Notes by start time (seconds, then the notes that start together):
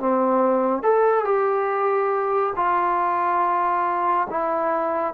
0.00 C4
0.83 A4
1.25 G4
2.56 F4
4.30 E4